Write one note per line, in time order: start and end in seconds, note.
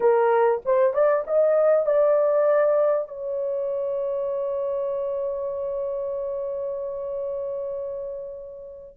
0.00 0.61 A#4
0.65 0.93 C5
0.93 1.24 D5
1.27 1.86 D#5
1.86 3.08 D5
3.08 8.96 C#5